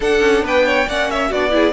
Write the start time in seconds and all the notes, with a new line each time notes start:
0.00 D4 A4 F#5
0.20 C#4
0.42 B3 B4 G5
0.65 C#5
0.87 A#3 C#4 D5 F#5
1.10 C#5 E5
1.28 B3 D4 F#4 D5
1.50 E4 G#4